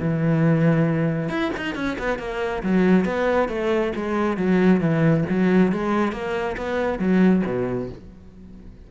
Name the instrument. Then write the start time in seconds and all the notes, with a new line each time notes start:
cello
0.00 E3
1.30 E4
1.58 D#4
1.75 C#4
1.99 B3
2.19 A#3
2.64 F#3
3.06 B3
3.49 A3
3.96 G#3
4.37 F#3
4.81 E3
5.30 F#3
5.73 G#3
6.13 A#3
6.58 B3
7.00 F#3
7.46 B2